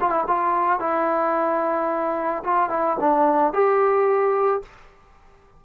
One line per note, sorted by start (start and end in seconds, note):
0.00 0.10 F4
0.10 0.24 E4
0.27 0.79 F4
0.79 2.43 E4
2.43 2.69 F4
2.69 2.96 E4
3.00 3.53 D4
3.53 4.62 G4